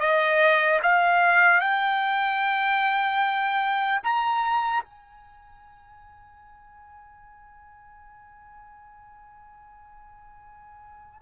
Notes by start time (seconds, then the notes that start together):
0.00 D#5
0.83 F5
1.61 G5
4.04 A#5
4.84 G#5